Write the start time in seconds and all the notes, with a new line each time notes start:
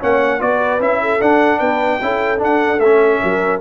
0.00 A#3 C#4 C#5 F#5
0.40 B3 F#4 B4 D5
0.80 C#4 E4 E5
1.02 A4
1.20 D4 F#5
1.59 B3 B4 G5
2.02 C#4 E4 A4
2.38 D4
2.44 F#5
2.80 A3 C#4 E5
3.22 F#3 A#4